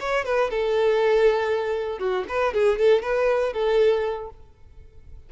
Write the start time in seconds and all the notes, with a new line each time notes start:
0.00 C#5
0.25 B4
0.51 A4
1.99 F#4
2.28 B4
2.54 G#4
2.79 A4
3.03 B4
3.53 A4